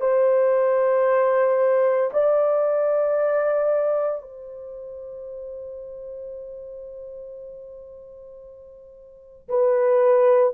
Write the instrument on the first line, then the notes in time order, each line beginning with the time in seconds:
horn
0.00 C5
2.12 D5
4.22 C5
9.48 B4